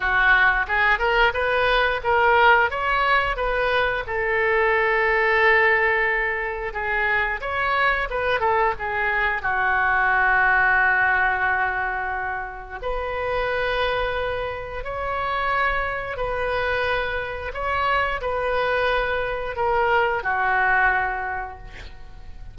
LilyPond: \new Staff \with { instrumentName = "oboe" } { \time 4/4 \tempo 4 = 89 fis'4 gis'8 ais'8 b'4 ais'4 | cis''4 b'4 a'2~ | a'2 gis'4 cis''4 | b'8 a'8 gis'4 fis'2~ |
fis'2. b'4~ | b'2 cis''2 | b'2 cis''4 b'4~ | b'4 ais'4 fis'2 | }